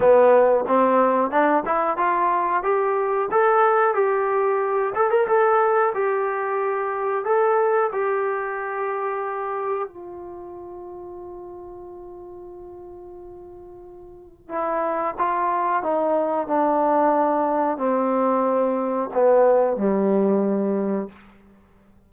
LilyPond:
\new Staff \with { instrumentName = "trombone" } { \time 4/4 \tempo 4 = 91 b4 c'4 d'8 e'8 f'4 | g'4 a'4 g'4. a'16 ais'16 | a'4 g'2 a'4 | g'2. f'4~ |
f'1~ | f'2 e'4 f'4 | dis'4 d'2 c'4~ | c'4 b4 g2 | }